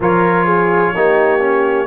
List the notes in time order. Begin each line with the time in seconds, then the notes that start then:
0.00 F3 F4 A#4 C#5
0.45 G#4
0.95 A#3 D#4 G4
1.40 C#4